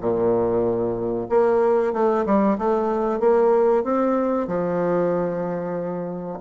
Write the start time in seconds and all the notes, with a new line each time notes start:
0.00 A#2
1.29 A#3
1.92 A3
2.25 G3
2.58 A3
3.19 A#3
3.84 C4
4.47 F3